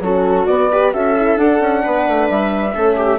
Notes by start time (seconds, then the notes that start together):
0.00 F#3 C#4 F#4 A4
0.46 B3 D5
0.71 G4 B4
0.93 C#4 F#4 A4 E5
1.16 E4
1.36 D4 F#5
1.60 C#4
1.83 B3 B4
2.08 A3
2.29 G3 E5
2.73 A3 C#4 A4
2.96 G4